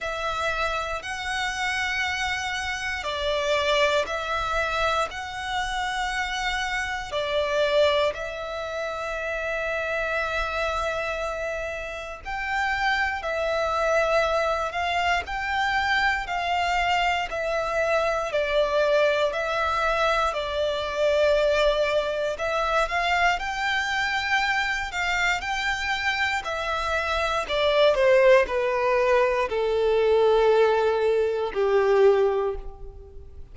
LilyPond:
\new Staff \with { instrumentName = "violin" } { \time 4/4 \tempo 4 = 59 e''4 fis''2 d''4 | e''4 fis''2 d''4 | e''1 | g''4 e''4. f''8 g''4 |
f''4 e''4 d''4 e''4 | d''2 e''8 f''8 g''4~ | g''8 f''8 g''4 e''4 d''8 c''8 | b'4 a'2 g'4 | }